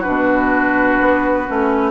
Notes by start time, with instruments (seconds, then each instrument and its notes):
0.00 clarinet D4, oboe F#4, flute B4
0.07 bassoon B2
1.01 bassoon B3
1.47 bassoon A3, clarinet C#4